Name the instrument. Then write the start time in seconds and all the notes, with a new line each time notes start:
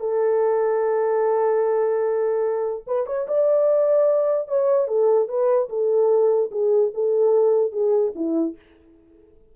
horn
0.00 A4
2.87 B4
3.06 C#5
3.28 D5
4.48 C#5
4.88 A4
5.28 B4
5.69 A4
6.51 G#4
6.94 A4
7.72 G#4
8.15 E4